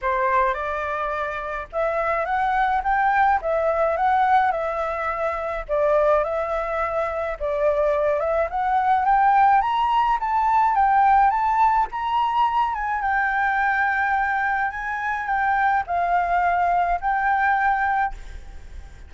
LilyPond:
\new Staff \with { instrumentName = "flute" } { \time 4/4 \tempo 4 = 106 c''4 d''2 e''4 | fis''4 g''4 e''4 fis''4 | e''2 d''4 e''4~ | e''4 d''4. e''8 fis''4 |
g''4 ais''4 a''4 g''4 | a''4 ais''4. gis''8 g''4~ | g''2 gis''4 g''4 | f''2 g''2 | }